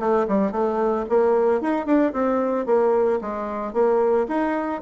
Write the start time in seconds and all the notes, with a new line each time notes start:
0.00 A3
0.28 G3
0.52 A3
1.10 A#3
1.61 D#4
1.86 D4
2.13 C4
2.66 A#3
3.21 G#3
3.74 A#3
4.28 D#4